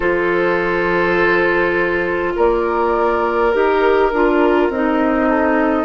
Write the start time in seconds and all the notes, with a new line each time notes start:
0.00 F3 F4 A4 C5
2.36 A#3 A#4 D5
3.51 D#4 G4 A#4
4.12 D4 F4
4.69 C4 D#4 D#5
5.28 A4